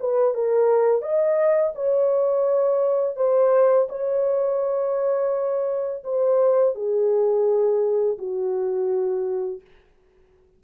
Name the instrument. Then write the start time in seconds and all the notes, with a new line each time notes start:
horn
0.00 B4
0.35 A#4
1.02 D#5
1.75 C#5
3.17 C5
3.89 C#5
6.04 C5
6.75 G#4
8.19 F#4